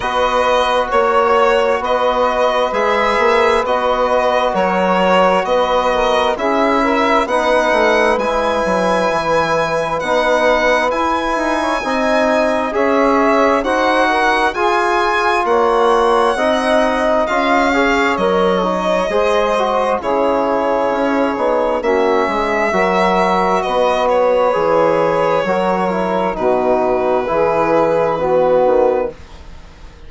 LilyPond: <<
  \new Staff \with { instrumentName = "violin" } { \time 4/4 \tempo 4 = 66 dis''4 cis''4 dis''4 e''4 | dis''4 cis''4 dis''4 e''4 | fis''4 gis''2 fis''4 | gis''2 e''4 fis''4 |
gis''4 fis''2 f''4 | dis''2 cis''2 | e''2 dis''8 cis''4.~ | cis''4 b'2. | }
  \new Staff \with { instrumentName = "saxophone" } { \time 4/4 b'4 cis''4 b'2~ | b'4 ais'4 b'8 ais'8 gis'8 ais'8 | b'1~ | b'8. cis''16 dis''4 cis''4 c''8 ais'8 |
gis'4 cis''4 dis''4. cis''8~ | cis''4 c''4 gis'2 | fis'8 gis'8 ais'4 b'2 | ais'4 fis'4 gis'4 fis'4 | }
  \new Staff \with { instrumentName = "trombone" } { \time 4/4 fis'2. gis'4 | fis'2. e'4 | dis'4 e'2 dis'4 | e'4 dis'4 gis'4 fis'4 |
f'2 dis'4 f'8 gis'8 | ais'8 dis'8 gis'8 fis'8 e'4. dis'8 | cis'4 fis'2 gis'4 | fis'8 e'8 dis'4 e'4 b4 | }
  \new Staff \with { instrumentName = "bassoon" } { \time 4/4 b4 ais4 b4 gis8 ais8 | b4 fis4 b4 cis'4 | b8 a8 gis8 fis8 e4 b4 | e'8 dis'8 c'4 cis'4 dis'4 |
f'4 ais4 c'4 cis'4 | fis4 gis4 cis4 cis'8 b8 | ais8 gis8 fis4 b4 e4 | fis4 b,4 e4. dis8 | }
>>